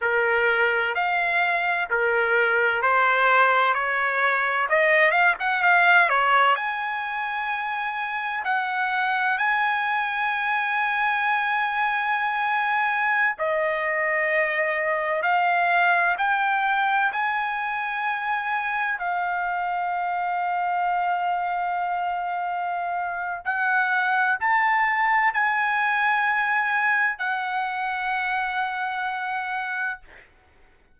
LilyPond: \new Staff \with { instrumentName = "trumpet" } { \time 4/4 \tempo 4 = 64 ais'4 f''4 ais'4 c''4 | cis''4 dis''8 f''16 fis''16 f''8 cis''8 gis''4~ | gis''4 fis''4 gis''2~ | gis''2~ gis''16 dis''4.~ dis''16~ |
dis''16 f''4 g''4 gis''4.~ gis''16~ | gis''16 f''2.~ f''8.~ | f''4 fis''4 a''4 gis''4~ | gis''4 fis''2. | }